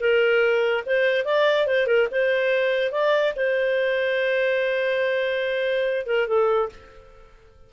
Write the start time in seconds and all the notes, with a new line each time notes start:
0.00 A#4
0.86 C5
1.25 D5
1.67 C5
1.87 A#4
2.11 C5
2.92 D5
3.36 C5
6.07 A#4
6.27 A4